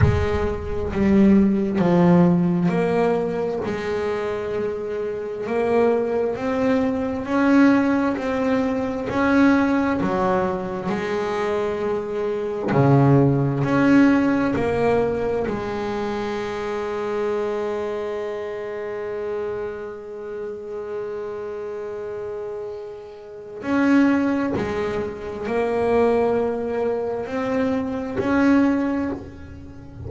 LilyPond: \new Staff \with { instrumentName = "double bass" } { \time 4/4 \tempo 4 = 66 gis4 g4 f4 ais4 | gis2 ais4 c'4 | cis'4 c'4 cis'4 fis4 | gis2 cis4 cis'4 |
ais4 gis2.~ | gis1~ | gis2 cis'4 gis4 | ais2 c'4 cis'4 | }